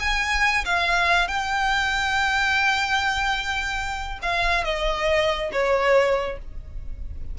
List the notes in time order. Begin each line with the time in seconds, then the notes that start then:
0.00 G#5
0.65 F5
1.28 G5
4.22 F5
4.64 D#5
5.52 C#5